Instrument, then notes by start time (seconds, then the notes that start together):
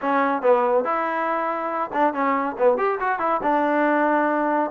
trombone
0.01 C#4
0.41 B3
0.84 E4
1.93 D4
2.13 C#4
2.58 B3
2.77 G4
3.00 F#4
3.19 E4
3.43 D4